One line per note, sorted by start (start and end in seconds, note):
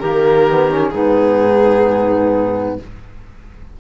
0.00 0.94 D#3
0.00 0.49 A#3
0.00 0.93 G4
0.00 0.89 A#4
0.49 0.70 B3
0.70 0.93 C#4
0.89 2.79 G#2
0.89 2.78 D#4
0.89 2.74 G#4
0.96 2.80 B3